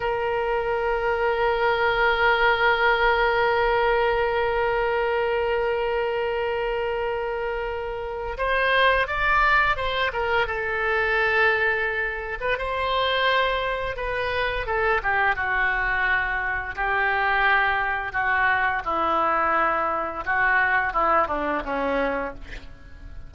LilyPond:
\new Staff \with { instrumentName = "oboe" } { \time 4/4 \tempo 4 = 86 ais'1~ | ais'1~ | ais'1 | c''4 d''4 c''8 ais'8 a'4~ |
a'4.~ a'16 b'16 c''2 | b'4 a'8 g'8 fis'2 | g'2 fis'4 e'4~ | e'4 fis'4 e'8 d'8 cis'4 | }